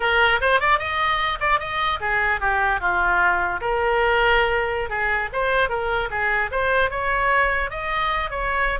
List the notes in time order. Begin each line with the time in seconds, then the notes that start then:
0.00 A#4
0.41 C5
0.60 D5
0.79 D#5
1.40 D5
1.59 D#5
2.00 G#4
2.40 G4
2.80 F4
3.61 A#4
4.89 G#4
5.32 C5
5.69 A#4
6.10 G#4
6.51 C5
6.90 C#5
7.70 D#5
8.30 C#5